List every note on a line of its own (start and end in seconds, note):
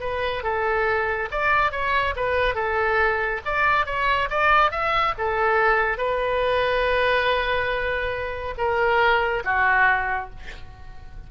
0.00 0.43 B4
0.43 1.29 A4
1.31 1.71 D5
1.71 2.14 C#5
2.15 2.55 B4
2.55 3.41 A4
3.45 3.86 D5
3.86 4.29 C#5
4.30 4.71 D5
4.71 5.14 E5
5.18 5.97 A4
5.97 8.54 B4
8.57 9.43 A#4
9.44 10.30 F#4